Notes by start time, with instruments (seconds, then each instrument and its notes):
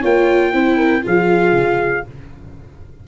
0.00 tuba A#3, viola F4, horn C#5, trumpet G5
0.53 tuba C4, viola E4, horn C5
0.77 horn A#4
1.01 tuba F3, viola F4, horn G#4, trumpet F5
1.52 tuba C#3